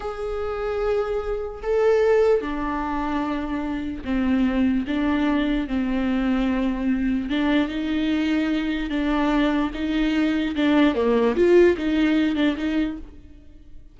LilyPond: \new Staff \with { instrumentName = "viola" } { \time 4/4 \tempo 4 = 148 gis'1 | a'2 d'2~ | d'2 c'2 | d'2 c'2~ |
c'2 d'4 dis'4~ | dis'2 d'2 | dis'2 d'4 ais4 | f'4 dis'4. d'8 dis'4 | }